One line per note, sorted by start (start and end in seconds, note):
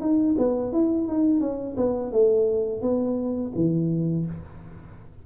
0.00 0.35 D#4
0.38 0.73 B3
0.73 1.07 E4
1.07 1.41 D#4
1.41 1.76 C#4
1.77 2.12 B3
2.12 2.81 A3
2.81 3.52 B3
3.55 4.26 E3